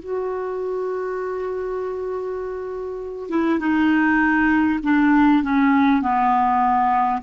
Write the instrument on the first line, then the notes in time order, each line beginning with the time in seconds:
clarinet
0.00 F#4
3.29 E4
3.59 D#4
4.83 D4
5.43 C#4
6.02 B3